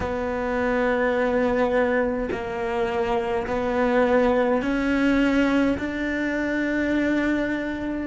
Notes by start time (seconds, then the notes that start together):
0.00 B3
2.31 A#3
3.47 B3
4.62 C#4
5.77 D4